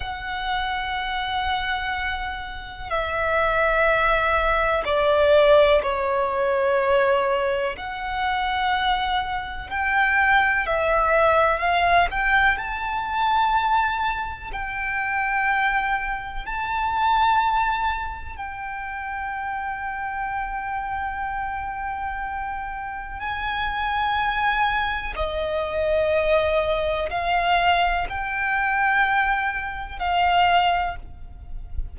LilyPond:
\new Staff \with { instrumentName = "violin" } { \time 4/4 \tempo 4 = 62 fis''2. e''4~ | e''4 d''4 cis''2 | fis''2 g''4 e''4 | f''8 g''8 a''2 g''4~ |
g''4 a''2 g''4~ | g''1 | gis''2 dis''2 | f''4 g''2 f''4 | }